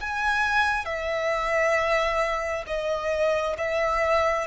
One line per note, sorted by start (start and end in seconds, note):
0.00 0.85 G#5
0.85 2.64 E5
2.67 3.56 D#5
3.57 4.47 E5